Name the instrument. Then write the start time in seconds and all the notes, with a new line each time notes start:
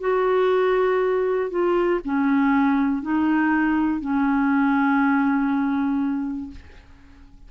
clarinet
0.00 F#4
1.50 F4
2.04 C#4
3.02 D#4
4.00 C#4